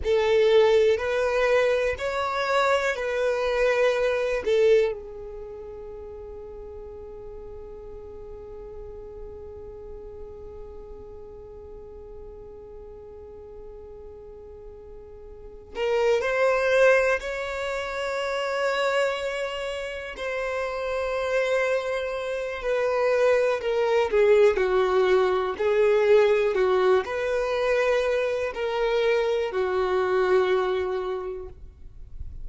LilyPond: \new Staff \with { instrumentName = "violin" } { \time 4/4 \tempo 4 = 61 a'4 b'4 cis''4 b'4~ | b'8 a'8 gis'2.~ | gis'1~ | gis'1 |
ais'8 c''4 cis''2~ cis''8~ | cis''8 c''2~ c''8 b'4 | ais'8 gis'8 fis'4 gis'4 fis'8 b'8~ | b'4 ais'4 fis'2 | }